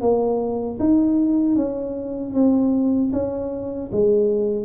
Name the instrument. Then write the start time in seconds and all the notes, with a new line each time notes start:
tuba
0.00 A#3
0.79 D#4
1.55 C#4
2.33 C4
3.12 C#4
3.92 G#3